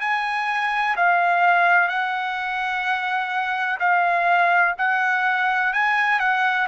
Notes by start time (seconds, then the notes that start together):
0.00 G#5
0.96 F5
1.88 F#5
3.80 F5
4.78 F#5
5.73 G#5
6.19 F#5